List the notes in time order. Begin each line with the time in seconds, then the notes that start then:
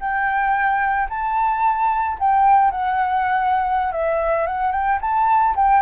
0.00 G5
1.10 A5
2.19 G5
2.71 F#5
3.92 E5
4.46 F#5
4.72 G5
5.01 A5
5.56 G5